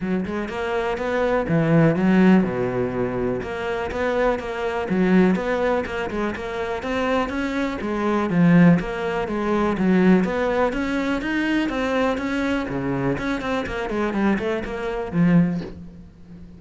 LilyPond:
\new Staff \with { instrumentName = "cello" } { \time 4/4 \tempo 4 = 123 fis8 gis8 ais4 b4 e4 | fis4 b,2 ais4 | b4 ais4 fis4 b4 | ais8 gis8 ais4 c'4 cis'4 |
gis4 f4 ais4 gis4 | fis4 b4 cis'4 dis'4 | c'4 cis'4 cis4 cis'8 c'8 | ais8 gis8 g8 a8 ais4 f4 | }